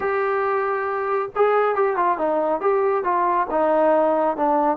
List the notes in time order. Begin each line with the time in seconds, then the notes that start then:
0.00 G4
1.35 G#4
1.75 G4
1.96 F4
2.17 D#4
2.60 G4
3.03 F4
3.50 D#4
4.37 D4